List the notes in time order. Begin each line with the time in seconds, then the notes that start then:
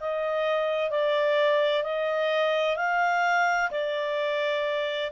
0.00 D#5
0.90 D5
1.83 D#5
2.77 F5
3.71 D5